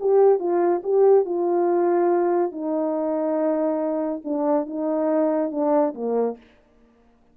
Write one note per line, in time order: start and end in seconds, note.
0.00 0.39 G4
0.39 0.81 F4
0.83 1.25 G4
1.25 2.51 F4
2.51 4.22 D#4
4.24 4.66 D4
4.66 5.51 D#4
5.51 5.94 D4
5.94 6.37 A#3